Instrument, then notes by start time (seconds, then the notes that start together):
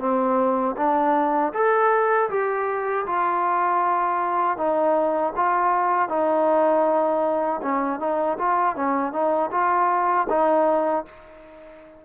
trombone
0.00 C4
0.77 D4
1.54 A4
2.30 G4
3.07 F4
4.57 D#4
5.36 F4
6.09 D#4
7.62 C#4
8.00 D#4
8.39 F4
8.76 C#4
9.13 D#4
9.51 F4
10.29 D#4